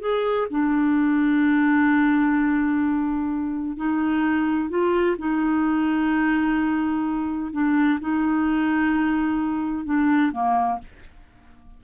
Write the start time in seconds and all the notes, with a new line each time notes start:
0.00 G#4
0.50 D4
3.76 D#4
4.69 F4
5.18 D#4
7.52 D4
8.00 D#4
9.85 D4
10.32 A#3